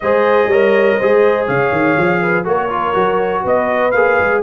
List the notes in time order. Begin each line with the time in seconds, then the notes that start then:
0.00 G#3 G#4 C5 D#5
0.46 G3 A#4 C#5
0.97 G#3 G#4 C5
1.46 C#3 C#5 F5
1.71 D#3
1.97 F3
2.21 B4
2.44 A#3 F#4 A#4 C#5
2.69 F4
2.93 F#3 F#4
3.43 B3 B4 D#5
3.91 A#3 G#4 F5
4.19 G#3